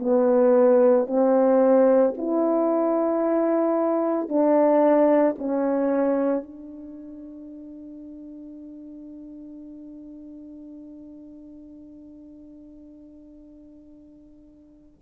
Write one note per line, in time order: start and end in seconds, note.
0.00 1.07 B3
1.07 2.14 C4
2.18 4.29 E4
4.29 5.36 D4
5.39 6.44 C#4
6.44 15.01 D4